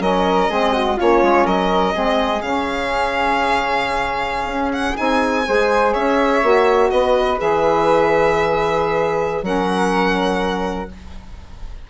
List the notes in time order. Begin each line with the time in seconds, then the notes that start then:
0.00 F#3 C#4 A#4 D#5
0.49 G#3 C4 G#4
0.73 F#4
0.97 A#3 C#4 F4 C#5
1.23 G#3
1.45 F#3 A#4 D#5
1.93 G#3 C4 G#4
2.42 C#3 C#4 F5
4.45 C#4
4.73 F#5
4.96 C4 D#4 G#5
5.48 G#3 G#4 C5
5.93 C#4 C#5 E5
6.43 A#3 F#4
6.90 B3 B4 D#5
7.38 E3 G#4 E5
9.43 F#3 C#4 A#4 F#5